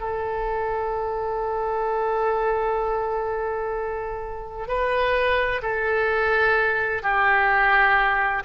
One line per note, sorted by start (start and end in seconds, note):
0.00 4.68 A4
4.68 5.62 B4
5.62 7.03 A4
7.03 8.43 G4